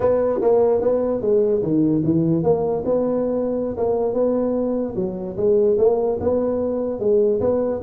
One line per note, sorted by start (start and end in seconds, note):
0.00 0.40 B3
0.41 0.81 A#3
0.81 1.21 B3
1.21 1.61 G#3
1.62 2.03 D#3
2.04 2.43 E3
2.43 2.83 A#3
2.85 3.76 B3
3.77 4.13 A#3
4.13 4.94 B3
4.95 5.36 F#3
5.36 5.77 G#3
5.78 6.18 A#3
6.20 6.99 B3
6.99 7.40 G#3
7.40 7.80 B3